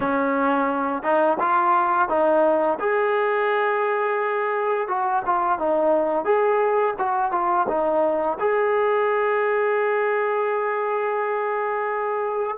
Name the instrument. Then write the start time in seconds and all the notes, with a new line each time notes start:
trombone
0.00 C#4
1.02 D#4
1.39 F4
2.08 D#4
2.79 G#4
4.88 F#4
5.25 F4
5.58 D#4
6.24 G#4
6.98 F#4
7.31 F4
7.68 D#4
8.39 G#4